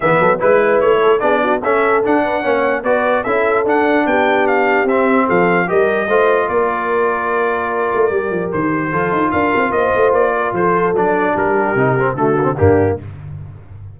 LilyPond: <<
  \new Staff \with { instrumentName = "trumpet" } { \time 4/4 \tempo 4 = 148 e''4 b'4 cis''4 d''4 | e''4 fis''2 d''4 | e''4 fis''4 g''4 f''4 | e''4 f''4 dis''2 |
d''1~ | d''4 c''2 f''4 | dis''4 d''4 c''4 d''4 | ais'2 a'4 g'4 | }
  \new Staff \with { instrumentName = "horn" } { \time 4/4 gis'8 a'8 b'4. a'8 gis'8 fis'8 | a'4. b'8 cis''4 b'4 | a'2 g'2~ | g'4 a'4 ais'4 c''4 |
ais'1~ | ais'2 a'4 ais'4 | c''4. ais'8 a'2 | g'2 fis'4 d'4 | }
  \new Staff \with { instrumentName = "trombone" } { \time 4/4 b4 e'2 d'4 | cis'4 d'4 cis'4 fis'4 | e'4 d'2. | c'2 g'4 f'4~ |
f'1 | g'2 f'2~ | f'2. d'4~ | d'4 dis'8 c'8 a8 ais16 c'16 ais4 | }
  \new Staff \with { instrumentName = "tuba" } { \time 4/4 e8 fis8 gis4 a4 b4 | cis'4 d'4 ais4 b4 | cis'4 d'4 b2 | c'4 f4 g4 a4 |
ais2.~ ais8 a8 | g8 f8 dis4 f8 dis'8 d'8 c'8 | ais8 a8 ais4 f4 fis4 | g4 c4 d4 g,4 | }
>>